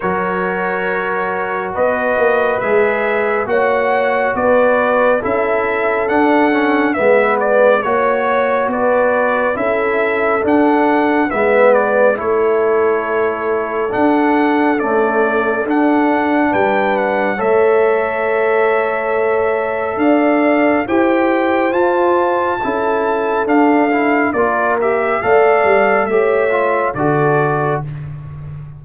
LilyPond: <<
  \new Staff \with { instrumentName = "trumpet" } { \time 4/4 \tempo 4 = 69 cis''2 dis''4 e''4 | fis''4 d''4 e''4 fis''4 | e''8 d''8 cis''4 d''4 e''4 | fis''4 e''8 d''8 cis''2 |
fis''4 d''4 fis''4 g''8 fis''8 | e''2. f''4 | g''4 a''2 f''4 | d''8 e''8 f''4 e''4 d''4 | }
  \new Staff \with { instrumentName = "horn" } { \time 4/4 ais'2 b'2 | cis''4 b'4 a'2 | b'4 cis''4 b'4 a'4~ | a'4 b'4 a'2~ |
a'2. b'4 | cis''2. d''4 | c''2 a'2 | ais'4 d''4 cis''4 a'4 | }
  \new Staff \with { instrumentName = "trombone" } { \time 4/4 fis'2. gis'4 | fis'2 e'4 d'8 cis'8 | b4 fis'2 e'4 | d'4 b4 e'2 |
d'4 a4 d'2 | a'1 | g'4 f'4 e'4 d'8 e'8 | f'8 g'8 a'4 g'8 f'8 fis'4 | }
  \new Staff \with { instrumentName = "tuba" } { \time 4/4 fis2 b8 ais8 gis4 | ais4 b4 cis'4 d'4 | gis4 ais4 b4 cis'4 | d'4 gis4 a2 |
d'4 cis'4 d'4 g4 | a2. d'4 | e'4 f'4 cis'4 d'4 | ais4 a8 g8 a4 d4 | }
>>